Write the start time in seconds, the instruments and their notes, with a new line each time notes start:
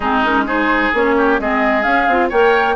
0.00 bassoon G#3, clarinet C4, oboe D#4, flute G#4
0.23 clarinet C#4, flute A#4
0.46 clarinet D#4, oboe G#4, flute C5
0.93 bassoon A#3, clarinet C#4, flute C#5
1.17 oboe G4
1.39 bassoon G#3, clarinet C4, oboe G#4, flute D#5
1.82 clarinet C#4, bassoon C#4, flute F5
2.07 bassoon C4, clarinet F4
2.29 bassoon A#3, clarinet A#4, oboe C#5, flute G5